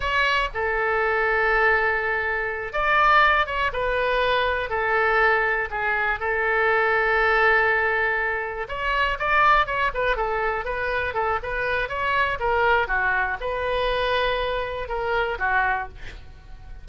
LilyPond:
\new Staff \with { instrumentName = "oboe" } { \time 4/4 \tempo 4 = 121 cis''4 a'2.~ | a'4. d''4. cis''8 b'8~ | b'4. a'2 gis'8~ | gis'8 a'2.~ a'8~ |
a'4. cis''4 d''4 cis''8 | b'8 a'4 b'4 a'8 b'4 | cis''4 ais'4 fis'4 b'4~ | b'2 ais'4 fis'4 | }